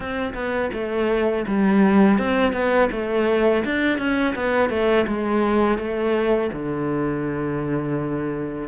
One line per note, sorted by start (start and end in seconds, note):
0.00 0.33 C4
0.34 0.70 B3
0.73 1.45 A3
1.47 2.18 G3
2.18 2.53 C4
2.53 2.89 B3
2.91 3.63 A3
3.64 3.98 D4
3.98 4.34 C#4
4.35 4.69 B3
4.69 5.05 A3
5.07 5.78 G#3
5.78 6.50 A3
6.52 8.68 D3